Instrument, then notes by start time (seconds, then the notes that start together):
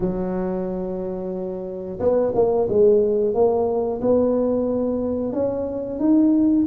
tuba
0.00 F#3
1.99 B3
2.35 A#3
2.68 G#3
3.34 A#3
4.01 B3
5.32 C#4
5.99 D#4